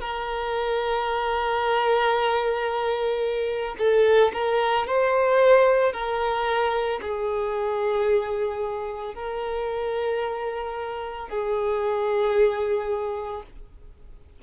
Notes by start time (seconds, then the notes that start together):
0.00 A#4
3.78 A4
4.33 A#4
4.87 C5
5.93 A#4
7.01 G#4
9.14 A#4
11.28 G#4